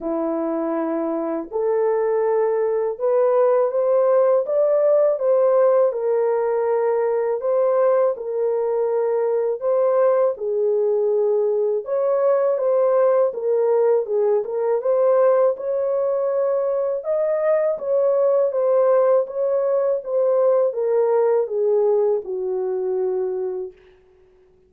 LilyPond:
\new Staff \with { instrumentName = "horn" } { \time 4/4 \tempo 4 = 81 e'2 a'2 | b'4 c''4 d''4 c''4 | ais'2 c''4 ais'4~ | ais'4 c''4 gis'2 |
cis''4 c''4 ais'4 gis'8 ais'8 | c''4 cis''2 dis''4 | cis''4 c''4 cis''4 c''4 | ais'4 gis'4 fis'2 | }